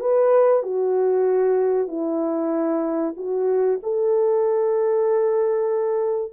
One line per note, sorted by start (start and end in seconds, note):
0.00 0.63 B4
0.63 1.88 F#4
1.88 3.14 E4
3.17 3.80 F#4
3.83 6.32 A4